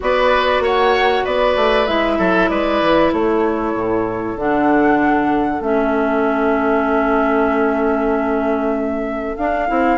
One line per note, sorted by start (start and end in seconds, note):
0.00 0.59 B3
0.00 1.87 F#4
0.00 0.63 B4
0.00 0.64 D5
0.59 1.22 A#3
0.59 1.24 C#5
0.59 1.25 F#5
1.24 1.56 B3
1.24 2.18 B4
1.24 1.86 D5
1.56 1.87 A3
1.86 2.18 G#3
1.86 4.37 E4
1.86 2.48 E5
2.18 2.49 F#3
2.18 2.49 A4
2.48 2.81 G#3
2.48 3.13 B4
2.48 3.11 D5
2.82 3.12 E3
3.12 3.74 A3
3.12 9.98 A4
3.12 4.37 C#5
3.74 4.35 A2
4.35 5.60 D3
4.35 5.61 D4
4.35 5.61 F#5
5.60 9.35 A3
5.60 9.36 C#4
5.60 9.36 E5
9.36 9.67 D4
9.36 9.69 D4
9.36 9.98 F5
9.67 9.98 C4
9.67 9.98 E4